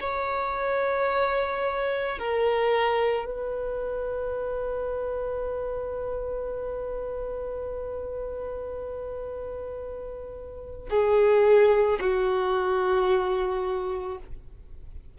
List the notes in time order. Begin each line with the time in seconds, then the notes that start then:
0.00 C#5
2.18 A#4
3.25 B4
10.90 G#4
12.00 F#4